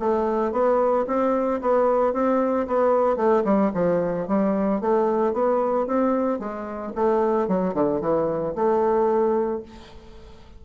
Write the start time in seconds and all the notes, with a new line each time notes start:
0.00 A3
0.52 B3
1.08 C4
1.61 B3
2.14 C4
2.68 B3
3.17 A3
3.45 G3
3.75 F3
4.28 G3
4.81 A3
5.34 B3
5.87 C4
6.40 G#3
6.95 A3
7.48 F#3
7.74 D3
8.01 E3
8.56 A3